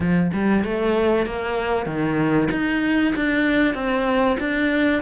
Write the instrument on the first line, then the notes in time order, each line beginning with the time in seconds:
cello
0.00 F3
0.33 G3
0.63 A3
1.26 A#3
1.86 D#3
2.51 D#4
3.15 D4
3.74 C4
4.39 D4